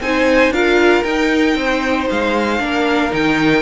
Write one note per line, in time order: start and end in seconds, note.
0.00 0.50 C4
0.00 0.53 D#4
0.00 0.52 C5
0.00 0.53 G#5
0.50 1.02 D4
0.50 1.04 F4
0.50 1.57 A#4
0.50 1.03 F5
1.03 1.55 D#4
1.03 2.59 D#4
1.03 2.08 G5
1.55 2.07 C4
1.55 2.63 C5
2.10 2.60 G#3
2.10 3.13 F5
2.59 3.12 A#3
2.59 3.11 D4
2.59 3.61 A#4
3.11 3.61 D#3
3.11 3.61 D#4
3.11 3.61 G5